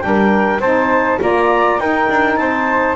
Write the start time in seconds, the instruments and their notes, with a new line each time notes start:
0.00 double bass G3, saxophone D4, clarinet G5
0.06 flute A#4
0.60 double bass C4, saxophone D#4, flute C5, clarinet A5
1.20 double bass A#3, saxophone F4, flute D5, clarinet A#5
1.78 double bass D#4, saxophone D#4, flute A#4, clarinet G5
2.09 double bass D4
2.36 double bass C4, flute C5, clarinet A5